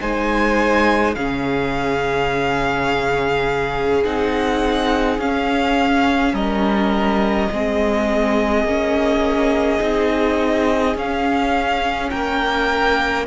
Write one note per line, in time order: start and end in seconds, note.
0.00 1.15 G#3
0.00 1.15 D#4
0.00 1.15 C5
0.00 1.15 G#5
1.15 4.04 C#3
1.15 4.04 C#4
1.15 6.33 G#4
1.15 4.03 F5
4.04 5.18 C4
4.04 5.20 D#4
4.04 5.20 F#5
5.18 6.33 C#4
5.18 7.51 C#4
5.18 6.35 F5
6.33 7.48 G3
6.33 7.49 A#4
6.33 10.96 D#5
7.52 8.64 G#3
7.52 8.67 C4
7.52 12.11 G#4
8.64 9.79 A#3
8.64 9.80 C#4
9.80 10.95 C4
9.80 10.95 D#4
10.95 12.10 C#4
10.95 13.26 C#4
10.95 12.10 F5
12.10 13.26 A#3
12.10 13.26 A#4
12.10 13.25 G5